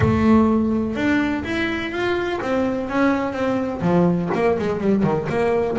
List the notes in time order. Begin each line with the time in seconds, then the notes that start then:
0.00 A3
0.95 D4
1.44 E4
1.91 F4
2.41 C4
2.89 C#4
3.33 C4
3.81 F3
4.34 A#3
4.58 G#3
4.80 G3
5.03 D#3
5.29 A#3